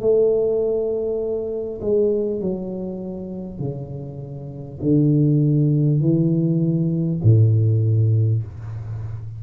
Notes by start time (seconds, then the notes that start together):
0.00 A3
1.81 G#3
2.41 F#3
3.58 C#3
4.82 D3
6.01 E3
7.23 A2